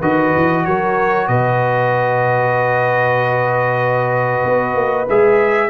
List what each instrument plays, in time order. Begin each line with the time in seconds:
0.00 tuba D#3, trombone F#4, horn B4, trumpet D#5
0.36 tuba E3
0.65 tuba F#3, horn A#4, trumpet C#5
1.27 tuba B2, horn B4, trumpet D#5
4.44 tuba B3
4.75 tuba A#3
5.09 tuba G#3, trombone G#4, trumpet E5